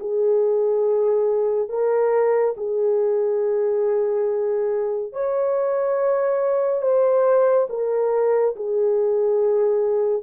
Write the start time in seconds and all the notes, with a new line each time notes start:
0.00 G#4
1.69 A#4
2.58 G#4
5.13 C#5
6.82 C5
7.69 A#4
8.56 G#4